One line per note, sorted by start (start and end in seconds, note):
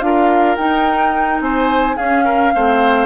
0.00 0.57 D4
0.00 0.58 F4
0.00 1.44 A#4
0.00 0.56 F5
0.57 1.41 D#4
0.57 1.98 D#4
0.57 1.41 G5
1.41 1.97 C4
1.41 1.97 C5
1.41 1.97 G#5
1.97 2.54 C#4
1.97 2.25 G#4
1.97 3.07 F5
2.25 2.53 A#4
2.55 3.07 A3
2.55 3.07 C4
2.55 3.07 C5